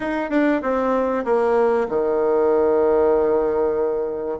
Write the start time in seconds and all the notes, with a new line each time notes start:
0.00 D#4
0.30 D4
0.62 C4
1.24 A#3
1.89 D#3